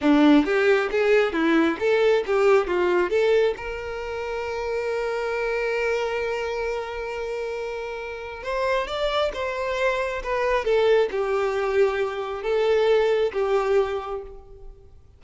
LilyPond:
\new Staff \with { instrumentName = "violin" } { \time 4/4 \tempo 4 = 135 d'4 g'4 gis'4 e'4 | a'4 g'4 f'4 a'4 | ais'1~ | ais'1~ |
ais'2. c''4 | d''4 c''2 b'4 | a'4 g'2. | a'2 g'2 | }